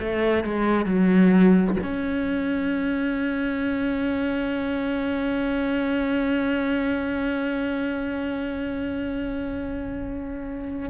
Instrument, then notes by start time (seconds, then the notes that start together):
cello
0.00 A3
0.44 G#3
0.85 F#3
1.83 C#4